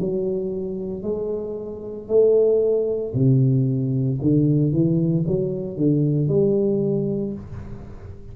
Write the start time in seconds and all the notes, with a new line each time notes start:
0.00 F#3
1.02 G#3
2.08 A3
3.14 C3
4.22 D3
4.72 E3
5.27 F#3
5.77 D3
6.28 G3